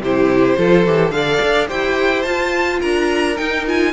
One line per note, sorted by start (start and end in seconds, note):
0.00 0.56 C3
0.00 0.58 E4
0.00 0.58 G4
0.00 1.11 C5
0.58 0.86 F3
0.58 0.86 F4
0.58 1.14 A4
0.86 1.10 E3
0.86 1.12 G4
1.10 1.38 D3
1.10 1.68 A4
1.10 1.67 F5
1.17 1.68 D5
1.43 1.71 D4
1.68 2.26 E4
1.68 2.24 G4
1.68 2.80 C5
1.68 2.23 G5
2.23 2.82 F4
2.23 3.36 F4
2.23 2.79 A5
2.80 3.39 D4
2.80 3.92 A#4
2.80 3.37 A#5
3.36 3.64 D#4
3.36 3.93 D#4
3.36 3.65 G5
3.66 3.93 F4
3.66 3.93 G#5